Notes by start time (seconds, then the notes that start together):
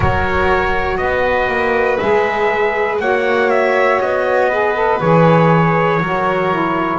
0.00 F#3 F#4 A#4 C#5
0.97 B3 D#5
1.04 B4
1.48 A#3
1.97 G#3 G#4 E5
3.00 A#3 F#4 C#5 F#5
3.50 E5
4.00 B3 D#5
4.49 G#4 B4
4.74 A4
5.00 E3 G#4 C#5
6.00 F#3 F#4 A#4
6.50 E4